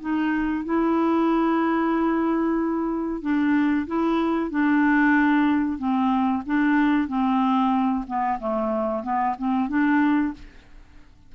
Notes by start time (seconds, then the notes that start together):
0.00 D#4
0.65 E4
3.21 D4
3.86 E4
4.50 D4
5.78 C4
6.46 D4
7.08 C4
8.07 B3
8.39 A3
9.03 B3
9.38 C4
9.69 D4